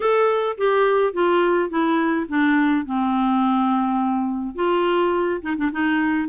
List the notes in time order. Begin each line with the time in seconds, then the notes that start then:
0.00 A4
0.57 G4
1.13 F4
1.69 E4
2.29 D4
2.85 C4
4.55 F4
5.42 D#4
5.57 D4
5.71 D#4